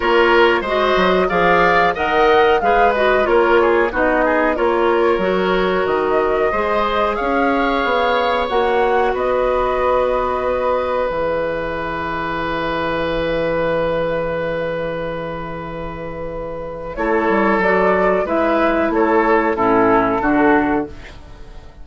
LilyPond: <<
  \new Staff \with { instrumentName = "flute" } { \time 4/4 \tempo 4 = 92 cis''4 dis''4 f''4 fis''4 | f''8 dis''8 cis''4 dis''4 cis''4~ | cis''4 dis''2 f''4~ | f''4 fis''4 dis''2~ |
dis''4 e''2.~ | e''1~ | e''2 cis''4 d''4 | e''4 cis''4 a'2 | }
  \new Staff \with { instrumentName = "oboe" } { \time 4/4 ais'4 c''4 d''4 dis''4 | b'4 ais'8 gis'8 fis'8 gis'8 ais'4~ | ais'2 c''4 cis''4~ | cis''2 b'2~ |
b'1~ | b'1~ | b'2 a'2 | b'4 a'4 e'4 fis'4 | }
  \new Staff \with { instrumentName = "clarinet" } { \time 4/4 f'4 fis'4 gis'4 ais'4 | gis'8 fis'8 f'4 dis'4 f'4 | fis'2 gis'2~ | gis'4 fis'2.~ |
fis'4 gis'2.~ | gis'1~ | gis'2 e'4 fis'4 | e'2 cis'4 d'4 | }
  \new Staff \with { instrumentName = "bassoon" } { \time 4/4 ais4 gis8 fis8 f4 dis4 | gis4 ais4 b4 ais4 | fis4 dis4 gis4 cis'4 | b4 ais4 b2~ |
b4 e2.~ | e1~ | e2 a8 g8 fis4 | gis4 a4 a,4 d4 | }
>>